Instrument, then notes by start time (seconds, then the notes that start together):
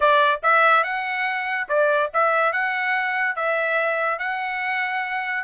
trumpet
0.00 D5
0.43 E5
0.83 F#5
1.68 D5
2.13 E5
2.52 F#5
3.35 E5
4.18 F#5